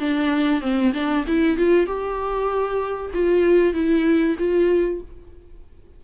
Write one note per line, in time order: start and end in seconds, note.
0.00 0.62 D4
0.62 0.93 C4
0.94 1.25 D4
1.28 1.58 E4
1.58 1.87 F4
1.87 3.12 G4
3.14 3.74 F4
3.74 4.37 E4
4.39 5.01 F4